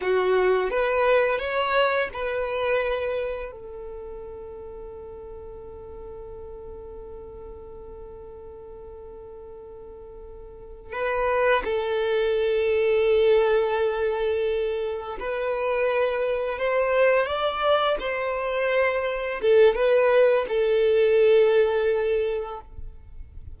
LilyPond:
\new Staff \with { instrumentName = "violin" } { \time 4/4 \tempo 4 = 85 fis'4 b'4 cis''4 b'4~ | b'4 a'2.~ | a'1~ | a'2.~ a'8 b'8~ |
b'8 a'2.~ a'8~ | a'4. b'2 c''8~ | c''8 d''4 c''2 a'8 | b'4 a'2. | }